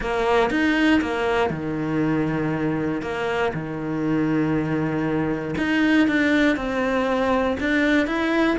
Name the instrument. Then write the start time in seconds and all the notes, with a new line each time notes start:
cello
0.00 A#3
0.50 D#4
1.01 A#3
1.50 D#3
3.01 A#3
3.53 D#3
5.57 D#4
6.07 D4
6.56 C4
7.60 D4
8.06 E4